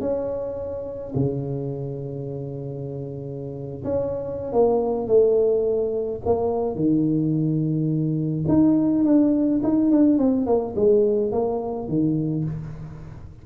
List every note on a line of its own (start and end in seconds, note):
0.00 1.13 C#4
1.15 3.84 C#3
3.84 4.53 C#4
4.53 5.07 A#3
5.07 6.20 A3
6.25 6.75 A#3
6.75 8.45 D#3
8.48 9.04 D#4
9.04 9.61 D4
9.63 9.91 D#4
9.91 10.18 D4
10.18 10.46 C4
10.46 10.74 A#3
10.76 11.32 G#3
11.32 11.88 A#3
11.88 12.45 D#3